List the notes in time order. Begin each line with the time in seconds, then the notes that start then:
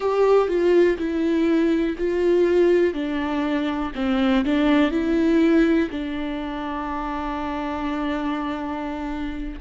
0.00 G4
0.48 F4
0.97 E4
1.98 F4
2.93 D4
3.95 C4
4.44 D4
4.90 E4
5.90 D4